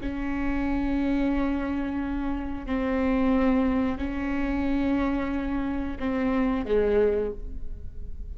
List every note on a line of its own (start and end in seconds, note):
0.00 2.66 C#4
2.66 3.98 C4
3.98 5.98 C#4
5.99 6.65 C4
6.65 7.32 G#3